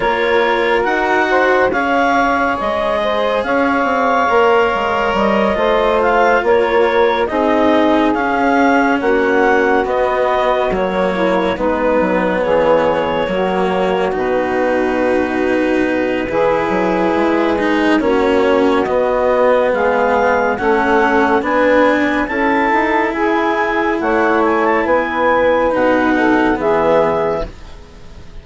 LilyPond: <<
  \new Staff \with { instrumentName = "clarinet" } { \time 4/4 \tempo 4 = 70 cis''4 fis''4 f''4 dis''4 | f''2 dis''4 f''8 cis''8~ | cis''8 dis''4 f''4 fis''4 dis''8~ | dis''8 cis''4 b'4 cis''4.~ |
cis''8 b'2.~ b'8~ | b'4 cis''4 dis''4 f''4 | fis''4 gis''4 a''4 gis''4 | fis''8 gis''16 a''16 gis''4 fis''4 e''4 | }
  \new Staff \with { instrumentName = "saxophone" } { \time 4/4 ais'4. c''8 cis''4. c''8 | cis''2~ cis''8 c''4 ais'8~ | ais'8 gis'2 fis'4.~ | fis'4 e'8 dis'4 gis'4 fis'8~ |
fis'2. gis'4~ | gis'4 fis'2 gis'4 | a'4 b'4 a'4 gis'4 | cis''4 b'4. a'8 gis'4 | }
  \new Staff \with { instrumentName = "cello" } { \time 4/4 f'4 fis'4 gis'2~ | gis'4 ais'4. f'4.~ | f'8 dis'4 cis'2 b8~ | b8 ais4 b2 ais8~ |
ais8 dis'2~ dis'8 e'4~ | e'8 dis'8 cis'4 b2 | cis'4 d'4 e'2~ | e'2 dis'4 b4 | }
  \new Staff \with { instrumentName = "bassoon" } { \time 4/4 ais4 dis'4 cis'4 gis4 | cis'8 c'8 ais8 gis8 g8 a4 ais8~ | ais8 c'4 cis'4 ais4 b8~ | b8 fis4 gis8 fis8 e4 fis8~ |
fis8 b,2~ b,8 e8 fis8 | gis4 ais4 b4 gis4 | a4 b4 cis'8 dis'8 e'4 | a4 b4 b,4 e4 | }
>>